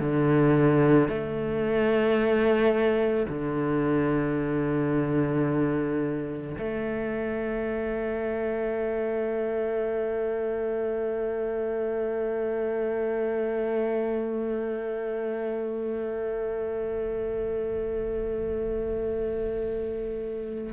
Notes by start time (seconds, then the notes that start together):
0.00 D3
1.08 A3
3.29 D3
6.59 A3